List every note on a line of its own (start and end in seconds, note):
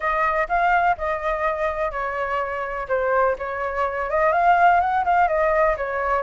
0.00 0.47 D#5
0.48 0.96 F5
0.97 1.91 D#5
1.91 2.87 C#5
2.88 3.36 C5
3.38 4.10 C#5
4.10 4.32 D#5
4.32 4.80 F5
4.80 5.04 F#5
5.04 5.28 F5
5.28 5.76 D#5
5.77 6.22 C#5